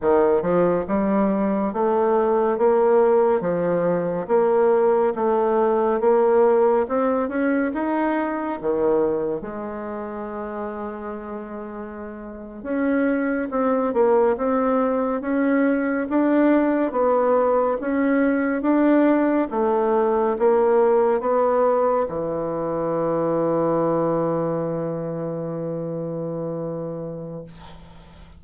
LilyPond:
\new Staff \with { instrumentName = "bassoon" } { \time 4/4 \tempo 4 = 70 dis8 f8 g4 a4 ais4 | f4 ais4 a4 ais4 | c'8 cis'8 dis'4 dis4 gis4~ | gis2~ gis8. cis'4 c'16~ |
c'16 ais8 c'4 cis'4 d'4 b16~ | b8. cis'4 d'4 a4 ais16~ | ais8. b4 e2~ e16~ | e1 | }